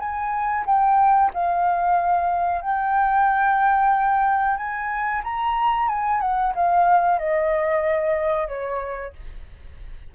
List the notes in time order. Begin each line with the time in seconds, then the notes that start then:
0.00 G#5
0.66 G5
1.34 F5
2.62 G5
4.57 G#5
5.24 A#5
5.89 G#5
6.21 F#5
6.55 F5
7.19 D#5
8.48 C#5